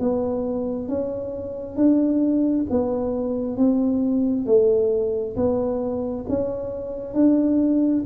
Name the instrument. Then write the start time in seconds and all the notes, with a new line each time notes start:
tuba
0.00 B3
0.89 C#4
1.77 D4
2.70 B3
3.57 C4
4.47 A3
5.36 B3
6.29 C#4
7.14 D4